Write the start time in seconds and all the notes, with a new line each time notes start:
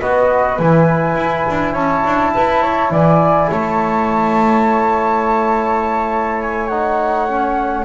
0.00 B3 F#4 B4 D#5
0.59 E3 E4 G#5
1.16 E4
1.50 D4
1.73 C#4 C#5 A5
2.06 D4
2.35 E4 B4
2.63 C#5
2.91 E3 D5 G#5
3.50 A3 C#5 A5
6.42 G#5
6.68 D#4 F#5
7.29 C#4